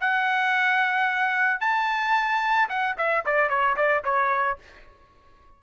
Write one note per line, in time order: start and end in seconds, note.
0.00 1.60 F#5
1.60 2.68 A5
2.69 2.96 F#5
2.97 3.24 E5
3.25 3.49 D5
3.49 3.76 C#5
3.76 4.03 D5
4.04 4.58 C#5